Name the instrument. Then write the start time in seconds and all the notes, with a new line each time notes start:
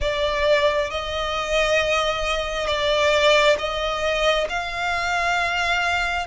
violin
0.00 D5
0.90 D#5
2.67 D5
3.58 D#5
4.49 F5